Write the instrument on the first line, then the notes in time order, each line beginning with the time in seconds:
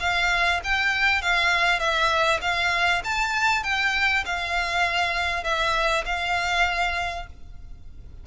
violin
0.00 F5
0.64 G5
1.22 F5
1.80 E5
2.42 F5
3.04 A5
3.64 G5
4.26 F5
5.44 E5
6.06 F5